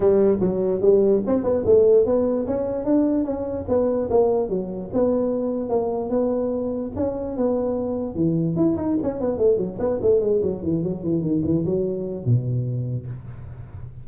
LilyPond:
\new Staff \with { instrumentName = "tuba" } { \time 4/4 \tempo 4 = 147 g4 fis4 g4 c'8 b8 | a4 b4 cis'4 d'4 | cis'4 b4 ais4 fis4 | b2 ais4 b4~ |
b4 cis'4 b2 | e4 e'8 dis'8 cis'8 b8 a8 fis8 | b8 a8 gis8 fis8 e8 fis8 e8 dis8 | e8 fis4. b,2 | }